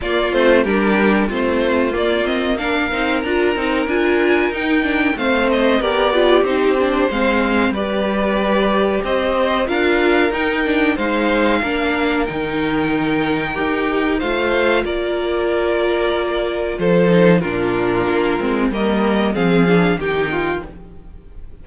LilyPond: <<
  \new Staff \with { instrumentName = "violin" } { \time 4/4 \tempo 4 = 93 d''8 c''8 ais'4 c''4 d''8 dis''8 | f''4 ais''4 gis''4 g''4 | f''8 dis''8 d''4 c''2 | d''2 dis''4 f''4 |
g''4 f''2 g''4~ | g''2 f''4 d''4~ | d''2 c''4 ais'4~ | ais'4 dis''4 f''4 g''4 | }
  \new Staff \with { instrumentName = "violin" } { \time 4/4 f'4 g'4 f'2 | ais'1 | c''4 ais'8 g'4. f''4 | b'2 c''4 ais'4~ |
ais'4 c''4 ais'2~ | ais'2 c''4 ais'4~ | ais'2 a'4 f'4~ | f'4 ais'4 gis'4 g'8 f'8 | }
  \new Staff \with { instrumentName = "viola" } { \time 4/4 ais8 c'8 d'4 c'4 ais8 c'8 | d'8 dis'8 f'8 dis'8 f'4 dis'8 d'8 | c'4 g'8 f'8 dis'8 d'8 c'4 | g'2. f'4 |
dis'8 d'8 dis'4 d'4 dis'4~ | dis'4 g'4 f'2~ | f'2~ f'8 dis'8 d'4~ | d'8 c'8 ais4 c'8 d'8 dis'4 | }
  \new Staff \with { instrumentName = "cello" } { \time 4/4 ais8 a8 g4 a4 ais4~ | ais8 c'8 d'8 c'8 d'4 dis'4 | a4 b4 c'4 gis4 | g2 c'4 d'4 |
dis'4 gis4 ais4 dis4~ | dis4 dis'4 a4 ais4~ | ais2 f4 ais,4 | ais8 gis8 g4 f4 dis4 | }
>>